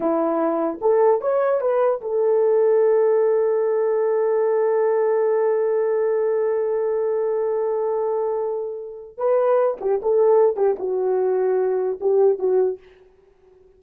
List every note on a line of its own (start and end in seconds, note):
0.00 0.79 E4
0.81 1.21 A4
1.21 1.60 C#5
1.60 2.00 B4
2.01 9.17 A4
9.17 9.77 B4
9.81 10.01 G4
10.02 10.56 A4
10.56 10.76 G4
10.78 11.98 F#4
12.00 12.39 G4
12.39 12.79 F#4